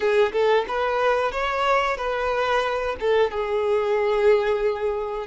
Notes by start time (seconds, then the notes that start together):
0.00 G#4
0.32 A4
0.67 B4
1.31 C#5
1.97 B4
3.00 A4
3.30 G#4